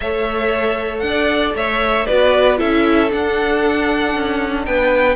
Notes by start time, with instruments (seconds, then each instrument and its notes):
0.00 cello A3, viola A4, violin C#5 E5
0.99 cello D4, violin F#5
1.07 violin D5
1.54 cello A3, violin C#5 E5
2.06 cello B3, viola F#4, violin B4 D5
2.57 cello C#4, viola E4, violin A4 E5
3.09 viola D4, cello D4, violin F#5
4.15 cello C#4
4.65 cello B3, violin B4 G5